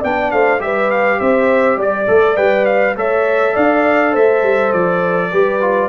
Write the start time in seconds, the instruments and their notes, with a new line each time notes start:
0.00 tuba B3, trombone D4, horn D5, trumpet G5
0.31 tuba A3, horn C5, trumpet F5
0.59 tuba G3, trombone G4, horn B4, trumpet E5
0.90 trumpet F5
1.18 tuba C4, horn C5, trumpet E5
1.76 tuba G3, horn D5, trumpet D5
2.07 tuba A3, trombone A4
2.36 tuba G3, trombone B4, trumpet G5
2.65 trumpet F5
2.95 tuba A3, trombone A4, horn C#5, trumpet E5
3.53 tuba D4, horn D5, trumpet F5
4.11 tuba A3, horn C5, trumpet E5
4.42 tuba G3
4.72 tuba F3, trumpet D5
5.31 tuba G3, trombone G4, horn B4
5.60 trombone F4